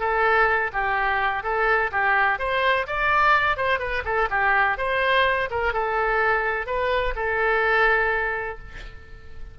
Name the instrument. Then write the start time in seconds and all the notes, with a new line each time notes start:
oboe
0.00 A4
0.73 G4
1.44 A4
1.92 G4
2.39 C5
2.87 D5
3.57 C5
3.79 B4
4.05 A4
4.30 G4
4.78 C5
5.51 A#4
5.74 A4
6.66 B4
7.16 A4